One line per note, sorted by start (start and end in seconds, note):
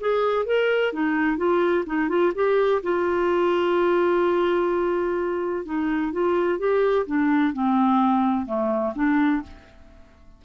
0.00 0.46 G#4
0.46 0.93 A#4
0.93 1.37 D#4
1.37 1.84 F4
1.86 2.09 D#4
2.09 2.32 F4
2.35 2.82 G4
2.83 5.65 F4
5.65 6.12 D#4
6.12 6.59 F4
6.59 7.06 G4
7.06 7.53 D4
7.53 8.46 C4
8.46 8.93 A3
8.95 9.42 D4